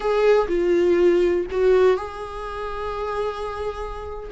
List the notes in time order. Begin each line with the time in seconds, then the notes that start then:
0.00 G#4
0.48 F4
1.50 F#4
1.96 G#4